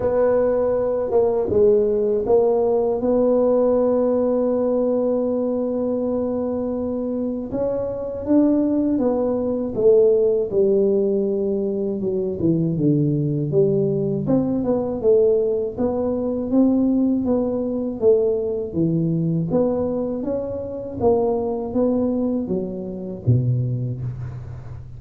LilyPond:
\new Staff \with { instrumentName = "tuba" } { \time 4/4 \tempo 4 = 80 b4. ais8 gis4 ais4 | b1~ | b2 cis'4 d'4 | b4 a4 g2 |
fis8 e8 d4 g4 c'8 b8 | a4 b4 c'4 b4 | a4 e4 b4 cis'4 | ais4 b4 fis4 b,4 | }